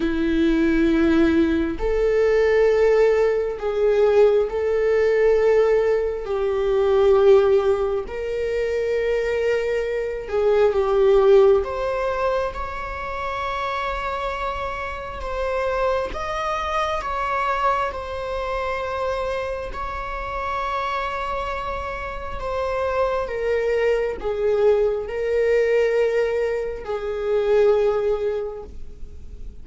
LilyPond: \new Staff \with { instrumentName = "viola" } { \time 4/4 \tempo 4 = 67 e'2 a'2 | gis'4 a'2 g'4~ | g'4 ais'2~ ais'8 gis'8 | g'4 c''4 cis''2~ |
cis''4 c''4 dis''4 cis''4 | c''2 cis''2~ | cis''4 c''4 ais'4 gis'4 | ais'2 gis'2 | }